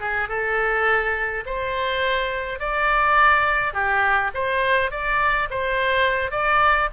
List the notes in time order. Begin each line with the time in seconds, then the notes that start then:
0.00 G#4
0.29 A4
1.46 C5
2.60 D5
3.73 G4
4.35 C5
4.91 D5
5.50 C5
6.31 D5